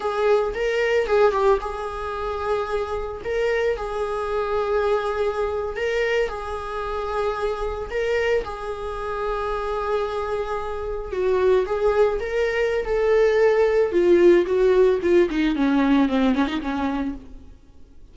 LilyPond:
\new Staff \with { instrumentName = "viola" } { \time 4/4 \tempo 4 = 112 gis'4 ais'4 gis'8 g'8 gis'4~ | gis'2 ais'4 gis'4~ | gis'2~ gis'8. ais'4 gis'16~ | gis'2~ gis'8. ais'4 gis'16~ |
gis'1~ | gis'8. fis'4 gis'4 ais'4~ ais'16 | a'2 f'4 fis'4 | f'8 dis'8 cis'4 c'8 cis'16 dis'16 cis'4 | }